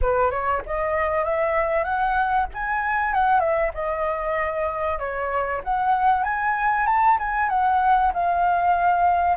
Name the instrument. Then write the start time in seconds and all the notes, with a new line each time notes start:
flute
0.01 B4
0.30 C#5
0.66 D#5
1.24 E5
1.84 F#5
2.53 G#5
3.13 F#5
3.39 E5
3.74 D#5
4.98 C#5
5.64 F#5
6.23 G#5
6.86 A5
7.18 G#5
7.49 F#5
8.13 F5